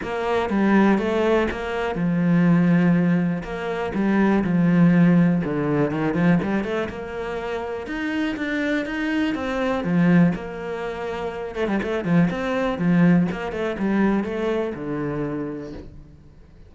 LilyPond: \new Staff \with { instrumentName = "cello" } { \time 4/4 \tempo 4 = 122 ais4 g4 a4 ais4 | f2. ais4 | g4 f2 d4 | dis8 f8 g8 a8 ais2 |
dis'4 d'4 dis'4 c'4 | f4 ais2~ ais8 a16 g16 | a8 f8 c'4 f4 ais8 a8 | g4 a4 d2 | }